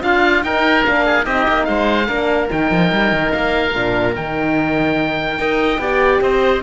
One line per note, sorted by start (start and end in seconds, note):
0.00 0.43 D4
0.00 0.41 F4
0.00 0.45 F4
0.00 0.44 F5
0.43 0.84 D#4
0.43 0.85 D#4
0.43 1.05 A#4
0.43 0.85 G5
0.84 1.26 A#3
0.84 1.23 D4
0.84 1.26 F5
1.05 1.24 G#4
1.23 1.47 C4
1.23 2.06 D#4
1.23 1.66 G4
1.23 1.64 D#5
1.48 1.68 A#3
1.64 2.08 G#3
1.64 2.07 C5
1.64 2.47 F5
2.07 2.50 A#3
2.07 2.48 D4
2.07 5.38 A#4
2.48 2.71 D#3
2.48 3.72 D#4
2.48 3.32 G5
2.71 2.91 F3
2.92 3.12 G3
3.12 3.33 D#3
3.32 3.74 A#3
3.32 4.15 F5
3.74 4.16 A#2
3.74 4.15 D4
4.15 5.39 D#3
4.15 5.38 D#4
4.15 6.22 G5
5.38 5.78 D#4
5.38 5.79 A#4
5.38 5.81 D#5
5.78 6.19 B3
5.78 6.63 G4
5.78 6.22 D5
6.21 6.62 C4
6.21 6.63 C5
6.21 6.63 D#5